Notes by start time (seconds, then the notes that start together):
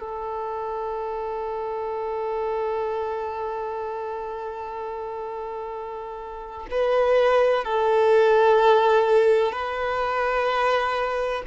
0.00 A4
6.71 B4
7.65 A4
9.52 B4